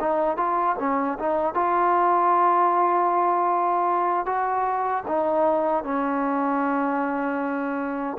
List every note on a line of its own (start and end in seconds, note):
0.00 0.37 D#4
0.37 0.76 F4
0.79 1.18 C#4
1.19 1.54 D#4
1.54 4.26 F4
4.26 5.04 F#4
5.08 5.84 D#4
5.84 8.18 C#4